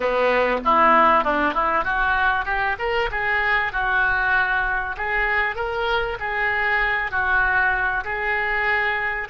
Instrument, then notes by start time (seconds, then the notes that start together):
oboe
0.00 B3
0.65 E4
1.23 D4
1.54 E4
1.84 F#4
2.45 G4
2.78 A#4
3.11 G#4
3.72 F#4
4.97 G#4
5.55 A#4
6.19 G#4
7.11 F#4
8.04 G#4